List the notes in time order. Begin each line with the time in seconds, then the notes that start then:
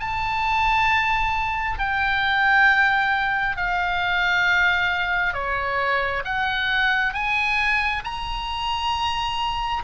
0.00 A5
1.79 G5
3.57 F5
5.34 C#5
6.25 F#5
7.14 G#5
8.04 A#5